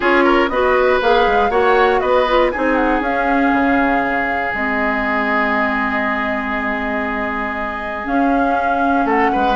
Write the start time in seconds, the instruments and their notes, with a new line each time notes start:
0.00 bassoon C#4, clarinet F4, oboe G#4, flute C#5
0.24 oboe A#4
0.48 bassoon B3, clarinet F#4, oboe B4, flute D#5
1.01 bassoon A#3, clarinet G#4, flute F5
1.27 bassoon G#3
1.50 bassoon A#3, clarinet F#4, oboe C#5, flute F#5
1.99 bassoon B3, oboe B4, flute D#5
2.27 clarinet F4
2.51 clarinet D#4, oboe G#4, flute G#5
2.57 bassoon C4
2.75 flute F#5
3.00 bassoon C#4, clarinet C#4, flute F5
3.52 bassoon C#3
4.53 bassoon G#3, clarinet C4, flute D#5
8.04 clarinet C#4, bassoon C#4, flute F5
9.04 bassoon A3, oboe A4, flute F#5
9.32 bassoon G#3, oboe B4